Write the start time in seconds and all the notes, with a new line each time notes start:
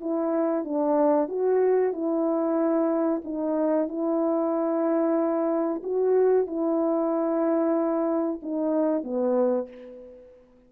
0.00 E4
0.64 D4
1.28 F#4
1.93 E4
3.24 D#4
3.88 E4
5.83 F#4
6.46 E4
8.42 D#4
9.03 B3